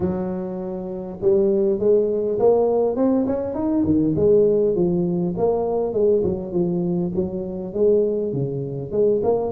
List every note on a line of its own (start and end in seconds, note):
0.00 1.19 F#3
1.21 1.79 G3
1.79 2.38 G#3
2.39 2.96 A#3
2.96 3.25 C4
3.26 3.54 C#4
3.54 3.84 D#4
3.85 4.14 D#3
4.16 4.75 G#3
4.75 5.34 F3
5.37 5.93 A#3
5.93 6.22 G#3
6.23 6.52 F#3
6.52 7.12 F3
7.14 7.73 F#3
7.73 8.32 G#3
8.32 8.91 C#3
8.91 9.21 G#3
9.23 9.52 A#3